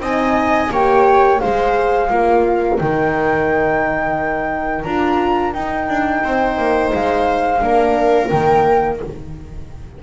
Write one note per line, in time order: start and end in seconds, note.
0.00 0.69 C4
0.00 0.71 D#4
0.00 0.71 D#5
0.00 0.73 G#5
0.70 1.39 A#3
0.70 1.40 G4
0.70 1.41 C#5
0.70 1.40 G5
1.40 2.10 G#3
1.40 2.09 G#4
1.40 2.10 C5
1.40 2.78 F5
2.09 2.79 A#3
2.09 2.78 F4
2.09 6.24 A#4
2.78 4.85 D#3
2.78 4.85 D#4
2.78 4.84 G5
4.84 5.54 D4
4.84 5.54 F4
4.84 5.53 A#5
5.54 5.89 D#4
5.54 7.59 D#4
5.54 6.92 G5
5.89 6.23 D4
6.23 6.58 C4
6.23 7.62 C5
6.58 6.92 A#3
6.94 7.62 G#3
6.94 8.28 F5
7.59 8.31 A#3
7.59 8.28 D4
7.59 9.03 A#4
8.28 9.01 D#3
8.28 9.01 A#3
8.28 8.97 G5